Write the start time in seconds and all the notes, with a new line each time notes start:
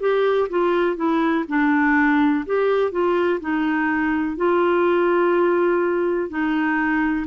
0.00 G4
0.49 F4
0.96 E4
1.48 D4
2.46 G4
2.91 F4
3.40 D#4
4.36 F4
6.29 D#4